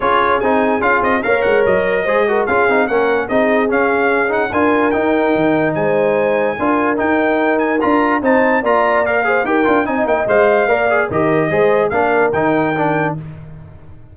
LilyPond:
<<
  \new Staff \with { instrumentName = "trumpet" } { \time 4/4 \tempo 4 = 146 cis''4 gis''4 f''8 dis''8 f''8 fis''8 | dis''2 f''4 fis''4 | dis''4 f''4. fis''8 gis''4 | g''2 gis''2~ |
gis''4 g''4. gis''8 ais''4 | a''4 ais''4 f''4 g''4 | gis''8 g''8 f''2 dis''4~ | dis''4 f''4 g''2 | }
  \new Staff \with { instrumentName = "horn" } { \time 4/4 gis'2. cis''4~ | cis''4 c''8 ais'8 gis'4 ais'4 | gis'2. ais'4~ | ais'2 c''2 |
ais'1 | c''4 d''4. c''8 ais'4 | dis''2 d''4 ais'4 | c''4 ais'2. | }
  \new Staff \with { instrumentName = "trombone" } { \time 4/4 f'4 dis'4 f'4 ais'4~ | ais'4 gis'8 fis'8 f'8 dis'8 cis'4 | dis'4 cis'4. dis'8 f'4 | dis'1 |
f'4 dis'2 f'4 | dis'4 f'4 ais'8 gis'8 g'8 f'8 | dis'4 c''4 ais'8 gis'8 g'4 | gis'4 d'4 dis'4 d'4 | }
  \new Staff \with { instrumentName = "tuba" } { \time 4/4 cis'4 c'4 cis'8 c'8 ais8 gis8 | fis4 gis4 cis'8 c'8 ais4 | c'4 cis'2 d'4 | dis'4 dis4 gis2 |
d'4 dis'2 d'4 | c'4 ais2 dis'8 d'8 | c'8 ais8 gis4 ais4 dis4 | gis4 ais4 dis2 | }
>>